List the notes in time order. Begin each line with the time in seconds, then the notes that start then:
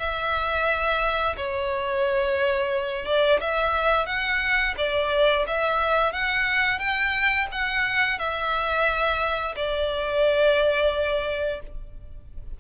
0.00 E5
1.37 C#5
3.06 D5
3.41 E5
4.07 F#5
4.78 D5
5.47 E5
6.13 F#5
6.79 G5
7.52 F#5
8.19 E5
9.56 D5